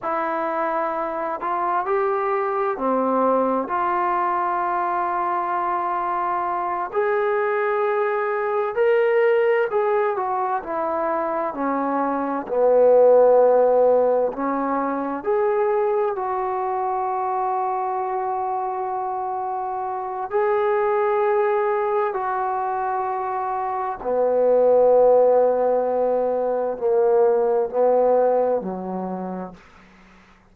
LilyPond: \new Staff \with { instrumentName = "trombone" } { \time 4/4 \tempo 4 = 65 e'4. f'8 g'4 c'4 | f'2.~ f'8 gis'8~ | gis'4. ais'4 gis'8 fis'8 e'8~ | e'8 cis'4 b2 cis'8~ |
cis'8 gis'4 fis'2~ fis'8~ | fis'2 gis'2 | fis'2 b2~ | b4 ais4 b4 fis4 | }